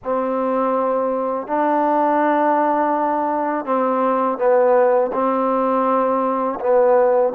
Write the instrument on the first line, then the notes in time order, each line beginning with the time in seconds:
trombone
0.03 C4
1.47 D4
3.65 C4
4.38 B3
5.12 C4
6.60 B3